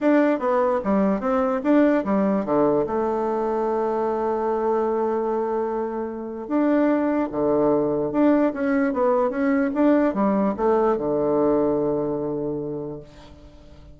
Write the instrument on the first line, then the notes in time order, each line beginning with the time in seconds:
bassoon
0.01 D4
0.39 B3
0.84 G3
1.20 C4
1.63 D4
2.04 G3
2.45 D3
2.86 A3
6.47 D4
7.31 D3
8.12 D4
8.53 C#4
8.93 B3
9.29 C#4
9.74 D4
10.14 G3
10.56 A3
10.97 D3